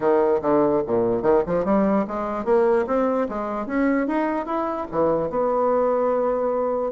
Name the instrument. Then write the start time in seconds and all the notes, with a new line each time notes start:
bassoon
0.00 D#3
0.41 D3
0.86 A#2
1.22 D#3
1.46 F3
1.64 G3
2.07 G#3
2.45 A#3
2.86 C4
3.29 G#3
3.66 C#4
4.07 D#4
4.46 E4
4.91 E3
5.29 B3